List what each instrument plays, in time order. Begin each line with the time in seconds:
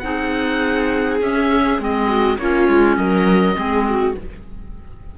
0.00 cello C4, clarinet D#4, viola G#4, oboe F#5
1.21 cello C#4, clarinet C#4, oboe E5
1.79 cello G#3, clarinet C4, oboe D#5
2.08 viola F#4
2.38 cello A#3, clarinet C#4, viola F4, oboe C#5
2.68 cello G#3
2.97 cello F#3, viola A#4, oboe D#5
3.56 cello G#3, clarinet C4, viola G#4
3.89 viola F#4